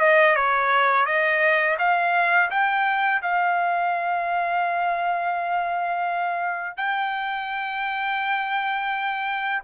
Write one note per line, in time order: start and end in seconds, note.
0.00 0.36 D#5
0.36 1.06 C#5
1.06 1.77 D#5
1.79 2.50 F5
2.50 3.22 G5
3.22 6.77 F5
6.77 9.63 G5